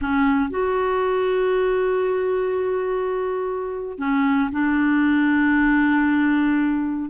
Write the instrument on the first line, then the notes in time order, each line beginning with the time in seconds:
clarinet
0.01 C#4
0.50 F#4
3.98 C#4
4.51 D4